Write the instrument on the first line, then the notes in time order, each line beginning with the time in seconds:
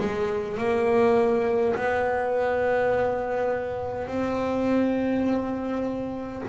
double bass
0.00 G#3
0.58 A#3
1.76 B3
4.07 C4